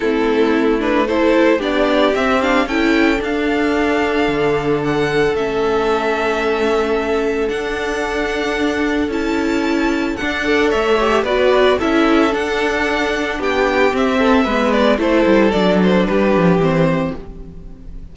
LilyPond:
<<
  \new Staff \with { instrumentName = "violin" } { \time 4/4 \tempo 4 = 112 a'4. b'8 c''4 d''4 | e''8 f''8 g''4 f''2~ | f''4 fis''4 e''2~ | e''2 fis''2~ |
fis''4 a''2 fis''4 | e''4 d''4 e''4 fis''4~ | fis''4 g''4 e''4. d''8 | c''4 d''8 c''8 b'4 c''4 | }
  \new Staff \with { instrumentName = "violin" } { \time 4/4 e'2 a'4 g'4~ | g'4 a'2.~ | a'1~ | a'1~ |
a'2.~ a'8 d''8 | cis''4 b'4 a'2~ | a'4 g'4. a'8 b'4 | a'2 g'2 | }
  \new Staff \with { instrumentName = "viola" } { \time 4/4 c'4. d'8 e'4 d'4 | c'8 d'8 e'4 d'2~ | d'2 cis'2~ | cis'2 d'2~ |
d'4 e'2 d'8 a'8~ | a'8 g'8 fis'4 e'4 d'4~ | d'2 c'4 b4 | e'4 d'2 c'4 | }
  \new Staff \with { instrumentName = "cello" } { \time 4/4 a2. b4 | c'4 cis'4 d'2 | d2 a2~ | a2 d'2~ |
d'4 cis'2 d'4 | a4 b4 cis'4 d'4~ | d'4 b4 c'4 gis4 | a8 g8 fis4 g8 f8 e4 | }
>>